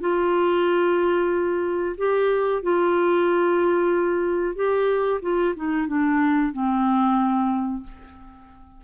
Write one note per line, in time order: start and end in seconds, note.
0.00 1.96 F4
1.97 2.62 G4
2.62 4.55 F4
4.55 5.20 G4
5.21 5.54 F4
5.56 5.87 D#4
5.87 6.52 D4
6.52 7.83 C4